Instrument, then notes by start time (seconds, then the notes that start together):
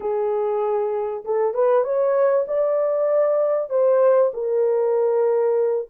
horn
0.00 G#4
1.24 A4
1.54 B4
1.84 C#5
2.47 D5
3.69 C5
4.33 A#4